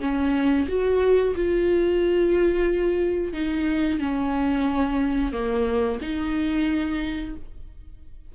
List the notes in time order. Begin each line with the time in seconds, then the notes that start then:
0.00 C#4
0.68 F#4
1.35 F4
3.33 D#4
3.99 C#4
5.32 A#3
6.01 D#4